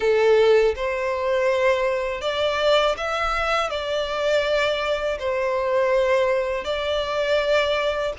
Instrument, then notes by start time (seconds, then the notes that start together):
violin
0.00 A4
0.75 C5
2.21 D5
2.97 E5
3.70 D5
5.19 C5
6.64 D5